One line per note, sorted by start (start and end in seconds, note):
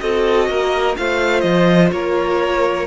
0.00 0.48 C4
0.00 0.95 F#4
0.00 0.49 A4
0.00 0.95 D#5
0.48 0.95 A#3
0.48 0.98 A#4
0.97 1.43 A3
0.97 2.87 F4
0.97 1.93 C5
0.97 1.40 F5
1.40 1.90 F3
1.40 1.88 D#5
1.92 2.87 A#3
1.92 2.87 A#4
1.92 2.87 C#5